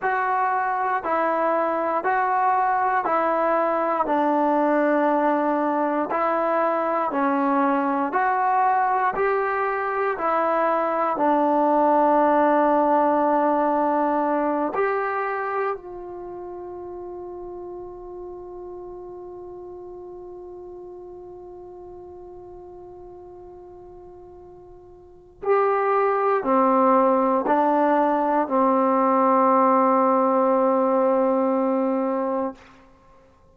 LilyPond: \new Staff \with { instrumentName = "trombone" } { \time 4/4 \tempo 4 = 59 fis'4 e'4 fis'4 e'4 | d'2 e'4 cis'4 | fis'4 g'4 e'4 d'4~ | d'2~ d'8 g'4 f'8~ |
f'1~ | f'1~ | f'4 g'4 c'4 d'4 | c'1 | }